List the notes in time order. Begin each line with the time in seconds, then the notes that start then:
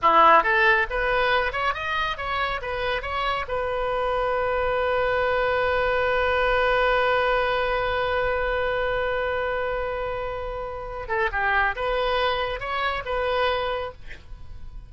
0.01 E4
0.43 A4
0.90 B4
1.52 C#5
1.74 D#5
2.17 C#5
2.61 B4
3.02 C#5
3.47 B4
11.08 A4
11.31 G4
11.75 B4
12.59 C#5
13.05 B4